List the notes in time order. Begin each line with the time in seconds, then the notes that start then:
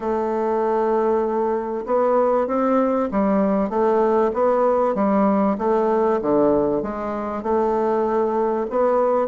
0.00 A3
1.86 B3
2.47 C4
3.11 G3
3.69 A3
4.33 B3
4.95 G3
5.58 A3
6.21 D3
6.82 G#3
7.42 A3
8.70 B3